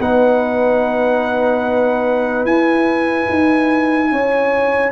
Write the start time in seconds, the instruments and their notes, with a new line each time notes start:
0.00 tuba B3, trombone D#4, horn B4, trumpet F#5
2.45 tuba E4, trombone E4, trumpet G#5
3.30 tuba D#4
4.12 tuba C#4, horn C#5